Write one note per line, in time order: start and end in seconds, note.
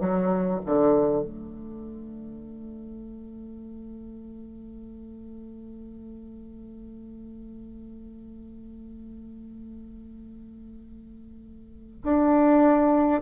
0.00 0.60 F#3
0.66 1.23 D3
1.23 12.03 A3
12.04 13.22 D4